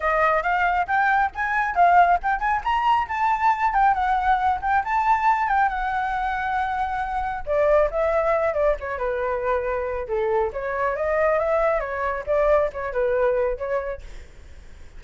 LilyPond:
\new Staff \with { instrumentName = "flute" } { \time 4/4 \tempo 4 = 137 dis''4 f''4 g''4 gis''4 | f''4 g''8 gis''8 ais''4 a''4~ | a''8 g''8 fis''4. g''8 a''4~ | a''8 g''8 fis''2.~ |
fis''4 d''4 e''4. d''8 | cis''8 b'2~ b'8 a'4 | cis''4 dis''4 e''4 cis''4 | d''4 cis''8 b'4. cis''4 | }